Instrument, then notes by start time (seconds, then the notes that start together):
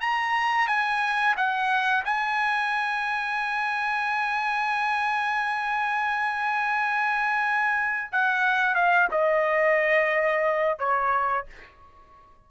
trumpet
0.00 A#5
0.68 G#5
1.36 F#5
2.05 G#5
8.12 F#5
8.75 F5
9.11 D#5
10.78 C#5